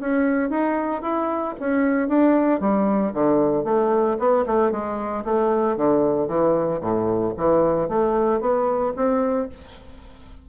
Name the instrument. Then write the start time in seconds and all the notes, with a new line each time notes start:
bassoon
0.00 C#4
0.50 D#4
1.02 E4
1.59 C#4
2.08 D4
2.60 G3
3.13 D3
3.64 A3
4.18 B3
4.46 A3
4.71 G#3
5.24 A3
5.76 D3
6.28 E3
6.81 A2
7.37 E3
7.88 A3
8.40 B3
8.96 C4